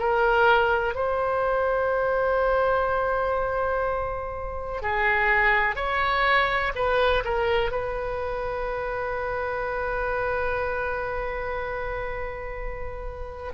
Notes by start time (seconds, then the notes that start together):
0.00 A#4
0.95 C5
4.83 G#4
5.76 C#5
6.76 B4
7.25 A#4
7.72 B4